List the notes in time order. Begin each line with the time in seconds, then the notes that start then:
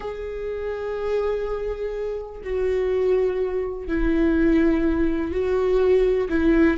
0.00 G#4
2.43 F#4
3.87 E4
5.31 F#4
6.29 E4